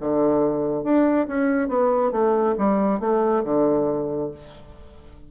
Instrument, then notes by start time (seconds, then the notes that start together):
bassoon
0.00 D3
0.83 D4
1.27 C#4
1.68 B3
2.11 A3
2.58 G3
3.00 A3
3.44 D3